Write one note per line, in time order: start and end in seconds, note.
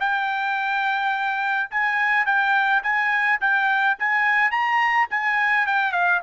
0.00 1.70 G5
1.71 2.26 G#5
2.26 2.83 G5
2.83 3.40 G#5
3.41 3.97 G5
3.99 4.51 G#5
4.51 5.08 A#5
5.10 5.67 G#5
5.67 5.92 G5
5.92 6.21 F5